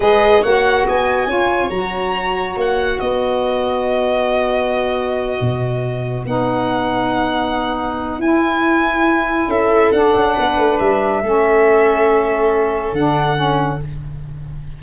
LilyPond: <<
  \new Staff \with { instrumentName = "violin" } { \time 4/4 \tempo 4 = 139 dis''4 fis''4 gis''2 | ais''2 fis''4 dis''4~ | dis''1~ | dis''2~ dis''8 fis''4.~ |
fis''2. gis''4~ | gis''2 e''4 fis''4~ | fis''4 e''2.~ | e''2 fis''2 | }
  \new Staff \with { instrumentName = "viola" } { \time 4/4 b'4 cis''4 dis''4 cis''4~ | cis''2. b'4~ | b'1~ | b'1~ |
b'1~ | b'2 a'2 | b'2 a'2~ | a'1 | }
  \new Staff \with { instrumentName = "saxophone" } { \time 4/4 gis'4 fis'2 f'4 | fis'1~ | fis'1~ | fis'2~ fis'8 dis'4.~ |
dis'2. e'4~ | e'2. d'4~ | d'2 cis'2~ | cis'2 d'4 cis'4 | }
  \new Staff \with { instrumentName = "tuba" } { \time 4/4 gis4 ais4 b4 cis'4 | fis2 ais4 b4~ | b1~ | b8 b,2 b4.~ |
b2. e'4~ | e'2 cis'4 d'8 cis'8 | b8 a8 g4 a2~ | a2 d2 | }
>>